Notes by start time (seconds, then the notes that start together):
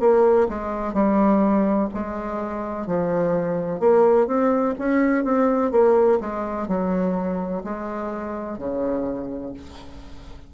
0.00 A#3
0.49 G#3
0.94 G3
1.94 G#3
2.87 F3
3.80 A#3
4.27 C4
4.79 C#4
5.25 C4
5.71 A#3
6.20 G#3
6.68 F#3
7.64 G#3
8.58 C#3